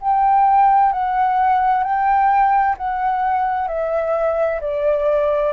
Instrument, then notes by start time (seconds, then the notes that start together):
flute
0.00 G5
0.92 F#5
1.83 G5
2.77 F#5
3.68 E5
4.60 D5